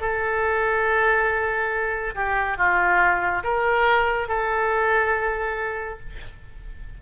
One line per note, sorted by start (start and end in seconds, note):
0.00 2.14 A4
2.15 2.57 G4
2.57 3.43 F4
3.43 4.28 A#4
4.28 5.99 A4